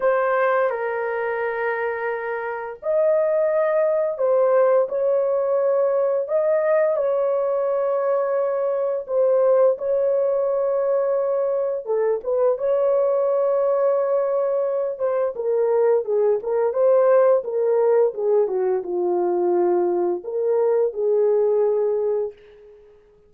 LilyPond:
\new Staff \with { instrumentName = "horn" } { \time 4/4 \tempo 4 = 86 c''4 ais'2. | dis''2 c''4 cis''4~ | cis''4 dis''4 cis''2~ | cis''4 c''4 cis''2~ |
cis''4 a'8 b'8 cis''2~ | cis''4. c''8 ais'4 gis'8 ais'8 | c''4 ais'4 gis'8 fis'8 f'4~ | f'4 ais'4 gis'2 | }